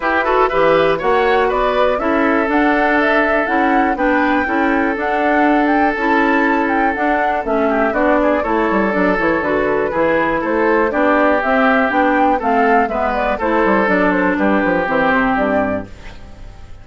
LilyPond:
<<
  \new Staff \with { instrumentName = "flute" } { \time 4/4 \tempo 4 = 121 b'4 e''4 fis''4 d''4 | e''4 fis''4 e''4 fis''4 | g''2 fis''4. g''8 | a''4. g''8 fis''4 e''4 |
d''4 cis''4 d''8 cis''8 b'4~ | b'4 c''4 d''4 e''4 | g''4 f''4 e''8 d''8 c''4 | d''8 c''8 b'4 c''4 d''4 | }
  \new Staff \with { instrumentName = "oboe" } { \time 4/4 g'8 a'8 b'4 cis''4 b'4 | a'1 | b'4 a'2.~ | a'2.~ a'8 g'8 |
fis'8 gis'8 a'2. | gis'4 a'4 g'2~ | g'4 a'4 b'4 a'4~ | a'4 g'2. | }
  \new Staff \with { instrumentName = "clarinet" } { \time 4/4 e'8 fis'8 g'4 fis'2 | e'4 d'2 e'4 | d'4 e'4 d'2 | e'2 d'4 cis'4 |
d'4 e'4 d'8 e'8 fis'4 | e'2 d'4 c'4 | d'4 c'4 b4 e'4 | d'2 c'2 | }
  \new Staff \with { instrumentName = "bassoon" } { \time 4/4 e'4 e4 ais4 b4 | cis'4 d'2 cis'4 | b4 cis'4 d'2 | cis'2 d'4 a4 |
b4 a8 g8 fis8 e8 d4 | e4 a4 b4 c'4 | b4 a4 gis4 a8 g8 | fis4 g8 f8 e8 c8 g,4 | }
>>